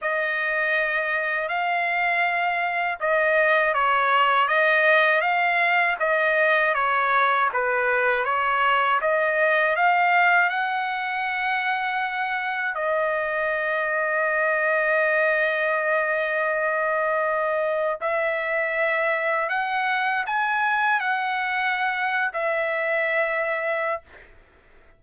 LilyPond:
\new Staff \with { instrumentName = "trumpet" } { \time 4/4 \tempo 4 = 80 dis''2 f''2 | dis''4 cis''4 dis''4 f''4 | dis''4 cis''4 b'4 cis''4 | dis''4 f''4 fis''2~ |
fis''4 dis''2.~ | dis''1 | e''2 fis''4 gis''4 | fis''4.~ fis''16 e''2~ e''16 | }